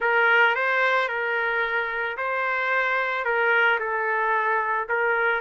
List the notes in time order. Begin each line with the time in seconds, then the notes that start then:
0.00 A#4
0.55 C5
1.08 A#4
2.17 C5
3.24 A#4
3.79 A4
4.88 A#4